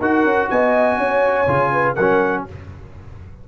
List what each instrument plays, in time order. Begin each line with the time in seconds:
0.00 tuba D#4, trombone F#4, horn A#4, trumpet F#5
0.24 tuba C#4
0.50 tuba B3, horn D#5, trumpet G#5
0.98 tuba C#4, horn C#5
1.47 tuba C#3, trombone F4
1.72 horn B4
1.95 tuba F#3, trombone C#4, horn A#4, trumpet F#5